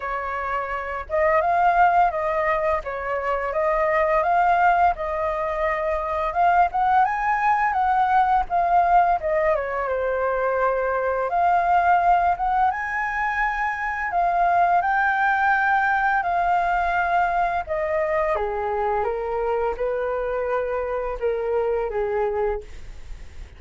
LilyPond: \new Staff \with { instrumentName = "flute" } { \time 4/4 \tempo 4 = 85 cis''4. dis''8 f''4 dis''4 | cis''4 dis''4 f''4 dis''4~ | dis''4 f''8 fis''8 gis''4 fis''4 | f''4 dis''8 cis''8 c''2 |
f''4. fis''8 gis''2 | f''4 g''2 f''4~ | f''4 dis''4 gis'4 ais'4 | b'2 ais'4 gis'4 | }